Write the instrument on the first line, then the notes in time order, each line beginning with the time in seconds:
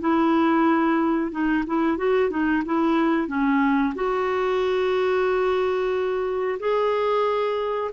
clarinet
0.00 E4
1.31 D#4
1.66 E4
1.97 F#4
2.30 D#4
2.65 E4
3.27 C#4
3.95 F#4
6.59 G#4